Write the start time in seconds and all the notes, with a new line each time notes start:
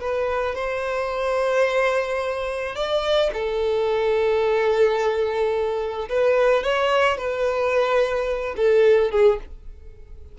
0.00 B4
0.55 C5
2.75 D5
3.33 A4
6.09 B4
6.64 C#5
7.17 B4
8.56 A4
9.11 G#4